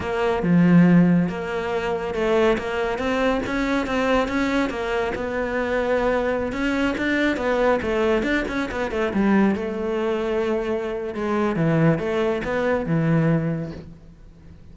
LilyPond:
\new Staff \with { instrumentName = "cello" } { \time 4/4 \tempo 4 = 140 ais4 f2 ais4~ | ais4 a4 ais4 c'4 | cis'4 c'4 cis'4 ais4 | b2.~ b16 cis'8.~ |
cis'16 d'4 b4 a4 d'8 cis'16~ | cis'16 b8 a8 g4 a4.~ a16~ | a2 gis4 e4 | a4 b4 e2 | }